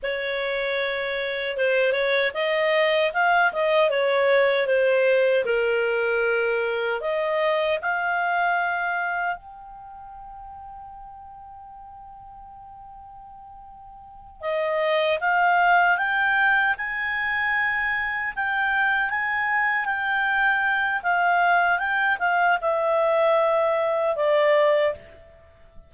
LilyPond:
\new Staff \with { instrumentName = "clarinet" } { \time 4/4 \tempo 4 = 77 cis''2 c''8 cis''8 dis''4 | f''8 dis''8 cis''4 c''4 ais'4~ | ais'4 dis''4 f''2 | g''1~ |
g''2~ g''8 dis''4 f''8~ | f''8 g''4 gis''2 g''8~ | g''8 gis''4 g''4. f''4 | g''8 f''8 e''2 d''4 | }